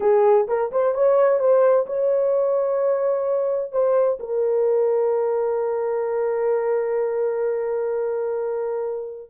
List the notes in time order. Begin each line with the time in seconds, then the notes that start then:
0.00 G#4
0.47 A#4
0.71 C5
0.94 C#5
1.39 C5
1.86 C#5
3.72 C5
4.19 A#4